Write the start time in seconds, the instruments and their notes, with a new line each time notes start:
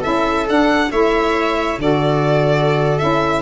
0.00 tuba C#4, saxophone E4, viola A4, violin E5
0.48 saxophone D4, tuba D4, violin F#5
0.92 tuba A3, saxophone E4, viola C#5, violin E5
1.79 tuba D3, saxophone F#4, viola A4, violin D5
2.98 tuba C#4, saxophone E4, violin E5